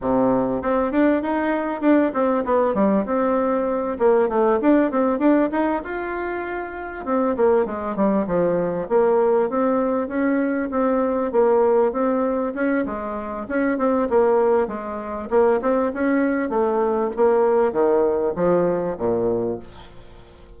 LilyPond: \new Staff \with { instrumentName = "bassoon" } { \time 4/4 \tempo 4 = 98 c4 c'8 d'8 dis'4 d'8 c'8 | b8 g8 c'4. ais8 a8 d'8 | c'8 d'8 dis'8 f'2 c'8 | ais8 gis8 g8 f4 ais4 c'8~ |
c'8 cis'4 c'4 ais4 c'8~ | c'8 cis'8 gis4 cis'8 c'8 ais4 | gis4 ais8 c'8 cis'4 a4 | ais4 dis4 f4 ais,4 | }